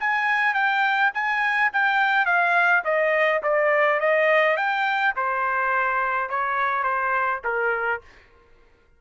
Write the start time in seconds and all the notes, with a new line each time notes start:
0.00 G#5
0.54 G5
1.14 G#5
1.73 G5
2.25 F5
2.85 D#5
3.43 D5
4.00 D#5
4.57 G5
5.16 C5
6.30 C#5
6.83 C5
7.44 A#4